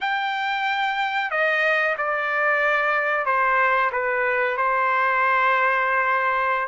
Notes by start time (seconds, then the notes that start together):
0.01 G5
1.30 D#5
1.97 D5
3.25 C5
3.92 B4
4.57 C5